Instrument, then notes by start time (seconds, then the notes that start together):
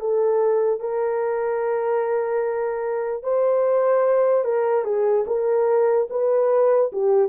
horn
0.00 A4
0.80 A#4
3.23 C5
4.44 A#4
4.84 G#4
5.27 A#4
6.10 B4
6.93 G4